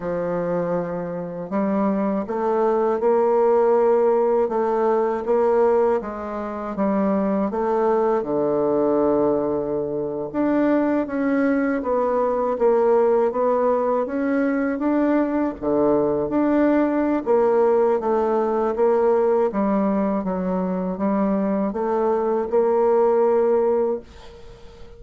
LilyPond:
\new Staff \with { instrumentName = "bassoon" } { \time 4/4 \tempo 4 = 80 f2 g4 a4 | ais2 a4 ais4 | gis4 g4 a4 d4~ | d4.~ d16 d'4 cis'4 b16~ |
b8. ais4 b4 cis'4 d'16~ | d'8. d4 d'4~ d'16 ais4 | a4 ais4 g4 fis4 | g4 a4 ais2 | }